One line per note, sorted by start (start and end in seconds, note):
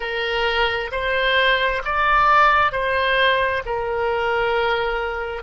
0.00 0.90 A#4
0.91 1.82 C5
1.84 2.71 D5
2.71 3.62 C5
3.65 5.42 A#4